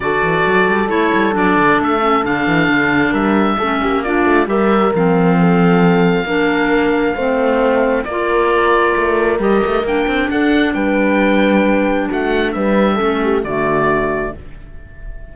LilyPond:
<<
  \new Staff \with { instrumentName = "oboe" } { \time 4/4 \tempo 4 = 134 d''2 cis''4 d''4 | e''4 f''2 e''4~ | e''4 d''4 e''4 f''4~ | f''1~ |
f''2 d''2~ | d''4 dis''4 g''4 fis''4 | g''2. fis''4 | e''2 d''2 | }
  \new Staff \with { instrumentName = "horn" } { \time 4/4 a'1~ | a'2. ais'4 | a'8 g'8 f'4 ais'2 | a'2 ais'2 |
c''2 ais'2~ | ais'2. a'4 | b'2. fis'4 | b'4 a'8 g'8 fis'2 | }
  \new Staff \with { instrumentName = "clarinet" } { \time 4/4 fis'2 e'4 d'4~ | d'8 cis'8 d'2. | cis'4 d'4 g'4 c'4~ | c'2 d'2 |
c'2 f'2~ | f'4 g'4 d'2~ | d'1~ | d'4 cis'4 a2 | }
  \new Staff \with { instrumentName = "cello" } { \time 4/4 d8 e8 fis8 g8 a8 g8 fis8 d8 | a4 d8 e8 d4 g4 | a8 ais4 a8 g4 f4~ | f2 ais2 |
a2 ais2 | a4 g8 a8 ais8 c'8 d'4 | g2. a4 | g4 a4 d2 | }
>>